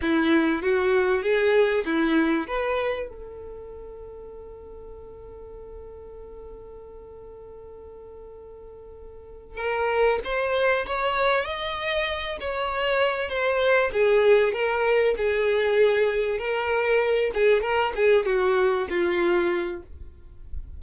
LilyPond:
\new Staff \with { instrumentName = "violin" } { \time 4/4 \tempo 4 = 97 e'4 fis'4 gis'4 e'4 | b'4 a'2.~ | a'1~ | a'2.~ a'8 ais'8~ |
ais'8 c''4 cis''4 dis''4. | cis''4. c''4 gis'4 ais'8~ | ais'8 gis'2 ais'4. | gis'8 ais'8 gis'8 fis'4 f'4. | }